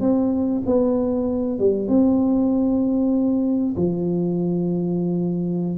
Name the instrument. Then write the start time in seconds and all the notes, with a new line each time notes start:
tuba
0.00 C4
0.66 B3
1.59 G3
1.88 C4
3.76 F3